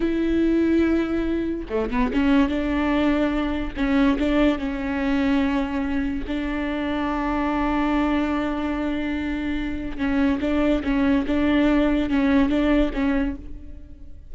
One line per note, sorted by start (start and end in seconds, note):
0.00 1.66 E4
1.69 1.90 A3
1.90 2.11 B3
2.13 2.48 C#4
2.48 3.73 D4
3.76 4.18 C#4
4.18 4.58 D4
4.58 6.24 C#4
6.27 9.97 D4
9.97 10.39 C#4
10.41 10.82 D4
10.83 11.25 C#4
11.26 12.09 D4
12.09 12.49 C#4
12.49 12.91 D4
12.93 13.35 C#4